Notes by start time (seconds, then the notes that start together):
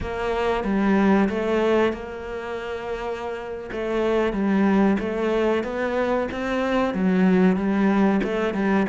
0.00 A#3
0.64 G3
1.29 A3
1.92 A#3
3.72 A3
4.32 G3
4.99 A3
5.63 B3
6.31 C4
6.94 F#3
7.56 G3
8.23 A3
8.54 G3